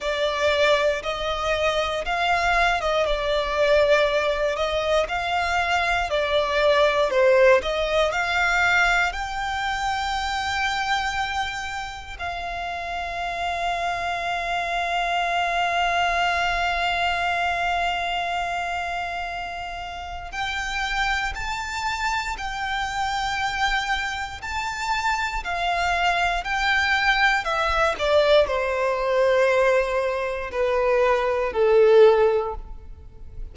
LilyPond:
\new Staff \with { instrumentName = "violin" } { \time 4/4 \tempo 4 = 59 d''4 dis''4 f''8. dis''16 d''4~ | d''8 dis''8 f''4 d''4 c''8 dis''8 | f''4 g''2. | f''1~ |
f''1 | g''4 a''4 g''2 | a''4 f''4 g''4 e''8 d''8 | c''2 b'4 a'4 | }